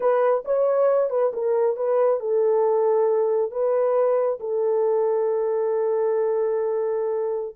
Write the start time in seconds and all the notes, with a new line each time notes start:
0.00 B4
0.45 C#5
1.09 B4
1.33 A#4
1.76 B4
2.19 A4
3.51 B4
4.39 A4